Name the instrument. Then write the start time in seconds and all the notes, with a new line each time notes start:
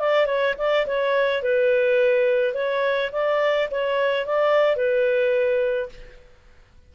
clarinet
0.00 D5
0.26 C#5
0.58 D5
0.87 C#5
1.43 B4
2.54 C#5
3.13 D5
3.71 C#5
4.26 D5
4.77 B4